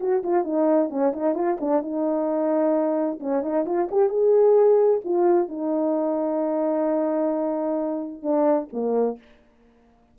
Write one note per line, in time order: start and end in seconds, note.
0.00 0.23 F#4
0.23 0.44 F4
0.44 0.90 D#4
0.90 1.13 C#4
1.13 1.35 D#4
1.35 1.58 F4
1.61 1.82 D4
1.82 3.20 D#4
3.20 3.42 C#4
3.42 3.65 D#4
3.66 3.89 F4
3.91 4.10 G4
4.10 5.01 G#4
5.04 5.49 F4
5.49 8.22 D#4
8.22 8.68 D4
8.73 9.19 A#3